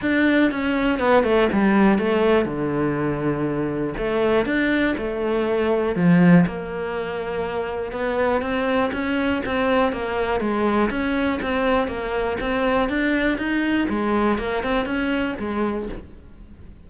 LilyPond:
\new Staff \with { instrumentName = "cello" } { \time 4/4 \tempo 4 = 121 d'4 cis'4 b8 a8 g4 | a4 d2. | a4 d'4 a2 | f4 ais2. |
b4 c'4 cis'4 c'4 | ais4 gis4 cis'4 c'4 | ais4 c'4 d'4 dis'4 | gis4 ais8 c'8 cis'4 gis4 | }